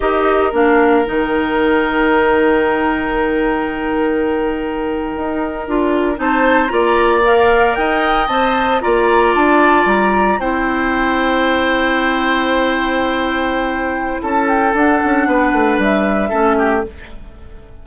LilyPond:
<<
  \new Staff \with { instrumentName = "flute" } { \time 4/4 \tempo 4 = 114 dis''4 f''4 g''2~ | g''1~ | g''2.~ g''8. a''16~ | a''8. ais''4 f''4 g''4 a''16~ |
a''8. ais''4 a''4 ais''4 g''16~ | g''1~ | g''2. a''8 g''8 | fis''2 e''2 | }
  \new Staff \with { instrumentName = "oboe" } { \time 4/4 ais'1~ | ais'1~ | ais'2.~ ais'8. c''16~ | c''8. d''2 dis''4~ dis''16~ |
dis''8. d''2. c''16~ | c''1~ | c''2. a'4~ | a'4 b'2 a'8 g'8 | }
  \new Staff \with { instrumentName = "clarinet" } { \time 4/4 g'4 d'4 dis'2~ | dis'1~ | dis'2~ dis'8. f'4 dis'16~ | dis'8. f'4 ais'2 c''16~ |
c''8. f'2. e'16~ | e'1~ | e'1 | d'2. cis'4 | }
  \new Staff \with { instrumentName = "bassoon" } { \time 4/4 dis'4 ais4 dis2~ | dis1~ | dis4.~ dis16 dis'4 d'4 c'16~ | c'8. ais2 dis'4 c'16~ |
c'8. ais4 d'4 g4 c'16~ | c'1~ | c'2. cis'4 | d'8 cis'8 b8 a8 g4 a4 | }
>>